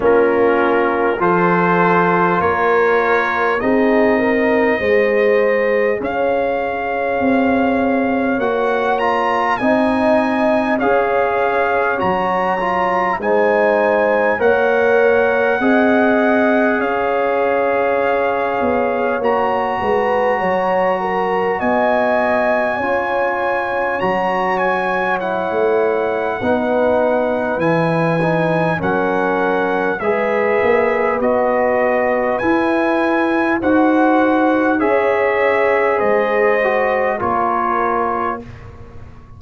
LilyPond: <<
  \new Staff \with { instrumentName = "trumpet" } { \time 4/4 \tempo 4 = 50 ais'4 c''4 cis''4 dis''4~ | dis''4 f''2 fis''8 ais''8 | gis''4 f''4 ais''4 gis''4 | fis''2 f''2 |
ais''2 gis''2 | ais''8 gis''8 fis''2 gis''4 | fis''4 e''4 dis''4 gis''4 | fis''4 e''4 dis''4 cis''4 | }
  \new Staff \with { instrumentName = "horn" } { \time 4/4 f'4 a'4 ais'4 gis'8 ais'8 | c''4 cis''2. | dis''4 cis''2 c''4 | cis''4 dis''4 cis''2~ |
cis''8 b'8 cis''8 ais'8 dis''4 cis''4~ | cis''2 b'2 | ais'4 b'2. | c''4 cis''4 c''4 ais'4 | }
  \new Staff \with { instrumentName = "trombone" } { \time 4/4 cis'4 f'2 dis'4 | gis'2. fis'8 f'8 | dis'4 gis'4 fis'8 f'8 dis'4 | ais'4 gis'2. |
fis'2. f'4 | fis'4 e'4 dis'4 e'8 dis'8 | cis'4 gis'4 fis'4 e'4 | fis'4 gis'4. fis'8 f'4 | }
  \new Staff \with { instrumentName = "tuba" } { \time 4/4 ais4 f4 ais4 c'4 | gis4 cis'4 c'4 ais4 | c'4 cis'4 fis4 gis4 | ais4 c'4 cis'4. b8 |
ais8 gis8 fis4 b4 cis'4 | fis4~ fis16 a8. b4 e4 | fis4 gis8 ais8 b4 e'4 | dis'4 cis'4 gis4 ais4 | }
>>